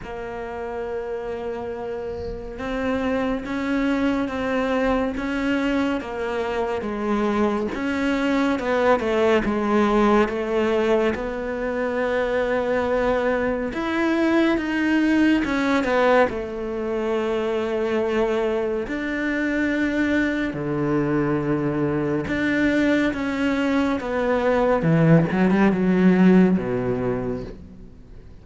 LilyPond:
\new Staff \with { instrumentName = "cello" } { \time 4/4 \tempo 4 = 70 ais2. c'4 | cis'4 c'4 cis'4 ais4 | gis4 cis'4 b8 a8 gis4 | a4 b2. |
e'4 dis'4 cis'8 b8 a4~ | a2 d'2 | d2 d'4 cis'4 | b4 e8 fis16 g16 fis4 b,4 | }